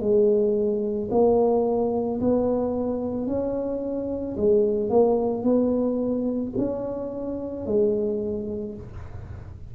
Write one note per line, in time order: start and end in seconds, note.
0.00 1.09 G#3
1.11 2.20 A#3
2.20 3.27 B3
3.27 4.36 C#4
4.37 4.89 G#3
4.89 5.42 A#3
5.42 6.52 B3
6.57 7.66 C#4
7.66 8.75 G#3